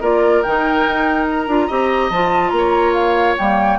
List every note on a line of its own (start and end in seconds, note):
0.00 0.42 A#3
0.00 0.43 F4
0.00 1.67 A#4
0.00 0.43 D5
0.43 0.86 D#3
0.43 1.48 D#4
0.43 1.26 G5
0.86 1.47 D#4
1.31 2.11 A#5
1.47 1.68 D4
1.47 1.69 F4
1.67 2.10 C4
1.67 2.11 G4
1.67 2.51 D#5
2.10 2.51 F3
2.10 3.39 F4
2.10 2.49 A5
2.49 3.35 A#3
2.49 2.91 A#5
2.58 3.79 C#5
2.93 3.35 F5
3.38 3.79 G3
3.38 3.79 A#3
3.38 3.79 G5